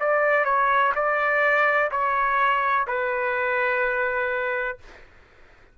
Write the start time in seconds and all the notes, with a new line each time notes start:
0.00 D5
0.45 C#5
0.95 D5
1.91 C#5
2.87 B4